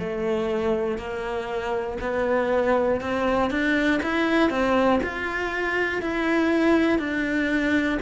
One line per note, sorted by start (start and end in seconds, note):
0.00 0.98 A3
0.98 1.98 A#3
2.01 3.00 B3
3.00 3.50 C4
3.50 4.00 D4
4.03 4.50 E4
4.50 5.00 C4
5.03 6.02 F4
6.02 6.99 E4
6.99 7.99 D4